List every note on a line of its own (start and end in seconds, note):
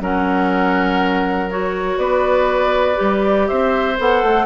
0.00 1.97 F#3
0.00 1.49 C#4
0.00 1.98 A#4
0.00 1.50 F#5
1.50 2.95 F#4
1.50 1.98 C#5
1.97 2.96 B3
1.97 3.47 B4
1.97 3.47 D5
2.95 3.50 G3
2.95 3.94 G4
3.47 3.99 C4
3.47 4.46 C5
3.47 3.97 E5
3.98 4.23 B3
3.98 4.46 A4
3.98 4.46 F#5
4.23 4.46 A3